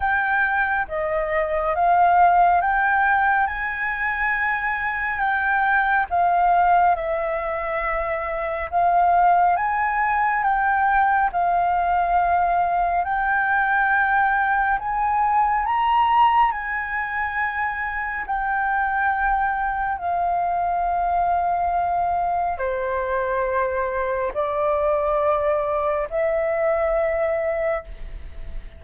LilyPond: \new Staff \with { instrumentName = "flute" } { \time 4/4 \tempo 4 = 69 g''4 dis''4 f''4 g''4 | gis''2 g''4 f''4 | e''2 f''4 gis''4 | g''4 f''2 g''4~ |
g''4 gis''4 ais''4 gis''4~ | gis''4 g''2 f''4~ | f''2 c''2 | d''2 e''2 | }